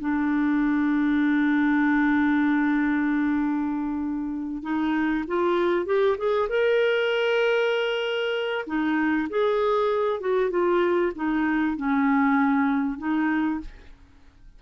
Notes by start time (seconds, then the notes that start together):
0.00 D4
4.63 D#4
5.28 F4
5.86 G4
6.18 G#4
6.49 A#4
8.67 D#4
9.30 G#4
10.21 F#4
10.50 F4
11.16 D#4
11.77 C#4
12.99 D#4